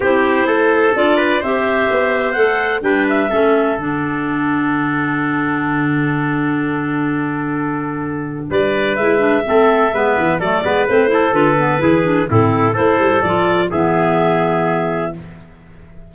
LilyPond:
<<
  \new Staff \with { instrumentName = "clarinet" } { \time 4/4 \tempo 4 = 127 c''2 d''4 e''4~ | e''4 fis''4 g''8 e''4. | fis''1~ | fis''1~ |
fis''2 d''4 e''4~ | e''2 d''4 c''4 | b'2 a'4 c''4 | d''4 e''2. | }
  \new Staff \with { instrumentName = "trumpet" } { \time 4/4 g'4 a'4. b'8 c''4~ | c''2 b'4 a'4~ | a'1~ | a'1~ |
a'2 b'2 | a'4 b'4 a'8 b'4 a'8~ | a'4 gis'4 e'4 a'4~ | a'4 gis'2. | }
  \new Staff \with { instrumentName = "clarinet" } { \time 4/4 e'2 f'4 g'4~ | g'4 a'4 d'4 cis'4 | d'1~ | d'1~ |
d'2. e'8 d'8 | c'4 b4 a8 b8 c'8 e'8 | f'8 b8 e'8 d'8 c'4 e'4 | f'4 b2. | }
  \new Staff \with { instrumentName = "tuba" } { \time 4/4 c'4 a4 d'4 c'4 | b4 a4 g4 a4 | d1~ | d1~ |
d2 g4 gis4 | a4 gis8 e8 fis8 gis8 a4 | d4 e4 a,4 a8 g8 | f4 e2. | }
>>